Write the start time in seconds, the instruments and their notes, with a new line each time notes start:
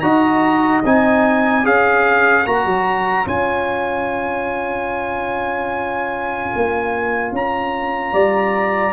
0.00 tuba D#4, trombone F#4, horn D#5, trumpet A#5
0.85 tuba C4, trombone D#4, trumpet G#5
1.63 tuba C#4, trombone G#4, horn C#5, trumpet F5
2.46 tuba A#3, trombone F#4, trumpet A#5
2.65 tuba F#3
3.26 tuba C#4, trombone F4, trumpet G#5
6.55 tuba A#3
7.32 tuba C#4, trumpet A#5
8.12 tuba G3, horn D5